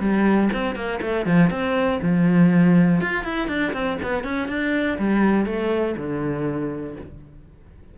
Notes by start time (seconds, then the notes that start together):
0.00 G3
0.53 C4
0.76 A#3
1.01 A3
1.26 F3
1.50 C4
2.02 F3
3.01 F4
3.24 E4
3.48 D4
3.73 C4
4.03 B3
4.24 C#4
4.49 D4
4.98 G3
5.46 A3
5.97 D3